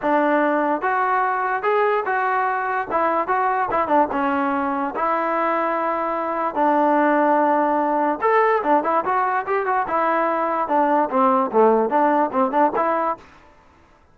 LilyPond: \new Staff \with { instrumentName = "trombone" } { \time 4/4 \tempo 4 = 146 d'2 fis'2 | gis'4 fis'2 e'4 | fis'4 e'8 d'8 cis'2 | e'1 |
d'1 | a'4 d'8 e'8 fis'4 g'8 fis'8 | e'2 d'4 c'4 | a4 d'4 c'8 d'8 e'4 | }